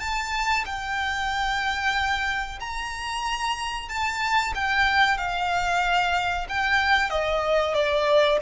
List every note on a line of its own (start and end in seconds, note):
0.00 0.65 A5
0.66 2.60 G5
2.60 3.89 A#5
3.89 4.53 A5
4.55 5.18 G5
5.18 6.47 F5
6.49 7.10 G5
7.10 7.74 D#5
7.74 8.39 D5